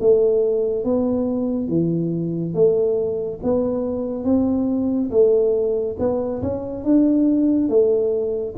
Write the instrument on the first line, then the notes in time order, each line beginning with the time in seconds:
tuba
0.00 A3
0.84 B3
1.68 E3
2.54 A3
3.43 B3
4.24 C4
5.11 A3
5.99 B3
6.42 C#4
6.85 D4
7.69 A3